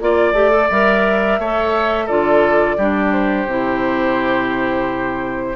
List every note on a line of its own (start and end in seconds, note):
0.00 0.33 A#3
0.00 0.34 F4
0.00 0.70 D5
0.00 1.40 D5
0.33 0.67 A3
0.33 0.50 G4
0.50 0.67 A4
0.70 1.39 G3
0.70 1.41 A#4
0.70 2.08 E5
1.39 2.08 A3
1.39 2.08 A4
1.39 2.05 C#5
2.05 2.77 D3
2.05 2.78 F4
2.05 2.75 A4
2.05 3.12 D5
2.77 3.46 G3
2.77 3.48 D4
2.77 5.55 G4
3.12 5.55 C5
3.46 5.55 C3
3.46 5.55 E4